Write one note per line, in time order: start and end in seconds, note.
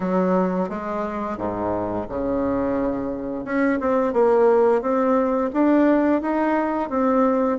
0.00 0.69 F#3
0.69 1.37 G#3
1.37 2.06 G#2
2.08 3.45 C#3
3.45 3.79 C#4
3.80 4.13 C4
4.13 4.81 A#3
4.81 5.50 C4
5.53 6.21 D4
6.21 6.89 D#4
6.89 7.58 C4